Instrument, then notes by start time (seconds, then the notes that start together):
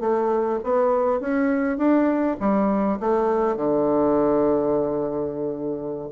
bassoon
0.00 A3
0.63 B3
1.20 C#4
1.77 D4
2.40 G3
3.00 A3
3.56 D3